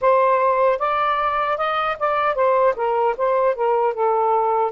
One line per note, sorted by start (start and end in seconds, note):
0.01 0.78 C5
0.78 1.57 D5
1.57 1.97 D#5
1.99 2.35 D5
2.35 2.74 C5
2.76 3.15 A#4
3.17 3.55 C5
3.55 3.93 A#4
3.93 4.72 A4